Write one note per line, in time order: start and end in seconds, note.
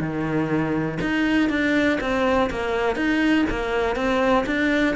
0.00 0.98 D#3
1.01 1.49 D#4
1.49 1.99 D4
2.01 2.50 C4
2.50 2.96 A#3
2.96 3.45 D#4
3.50 3.96 A#3
3.96 4.45 C4
4.46 4.95 D4